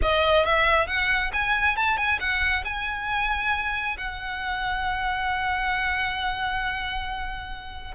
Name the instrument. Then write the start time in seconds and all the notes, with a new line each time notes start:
violin
0.02 D#5
0.45 E5
0.87 F#5
1.33 G#5
1.76 A5
1.97 G#5
2.20 F#5
2.64 G#5
3.97 F#5